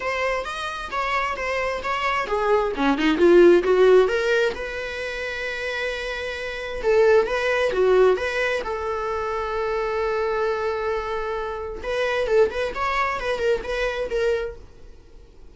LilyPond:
\new Staff \with { instrumentName = "viola" } { \time 4/4 \tempo 4 = 132 c''4 dis''4 cis''4 c''4 | cis''4 gis'4 cis'8 dis'8 f'4 | fis'4 ais'4 b'2~ | b'2. a'4 |
b'4 fis'4 b'4 a'4~ | a'1~ | a'2 b'4 a'8 b'8 | cis''4 b'8 ais'8 b'4 ais'4 | }